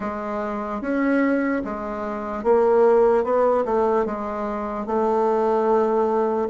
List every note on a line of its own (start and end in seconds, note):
0.00 0.81 G#3
0.81 1.62 C#4
1.64 2.43 G#3
2.43 3.24 A#3
3.24 3.64 B3
3.65 4.05 A3
4.05 4.86 G#3
4.86 6.48 A3